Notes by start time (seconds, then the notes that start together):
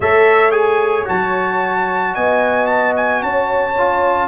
0.00 A3 A4 C#5 E5
0.51 G#4 G#5
1.04 F#3 F#4 A5
2.14 B3 D#5 G#5
2.66 A5
2.96 G#5
3.22 C#4 C#5 A5
3.77 F4